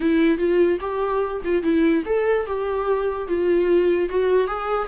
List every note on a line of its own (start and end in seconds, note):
0.00 0.37 E4
0.37 0.78 F4
0.80 1.41 G4
1.44 1.62 F4
1.62 2.03 E4
2.05 2.46 A4
2.46 3.27 G4
3.27 4.09 F4
4.09 4.47 F#4
4.47 4.88 G#4